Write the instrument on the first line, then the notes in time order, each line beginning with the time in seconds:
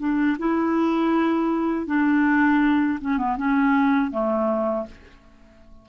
clarinet
0.00 D4
0.39 E4
1.87 D4
3.02 C#4
3.18 B3
3.38 C#4
4.11 A3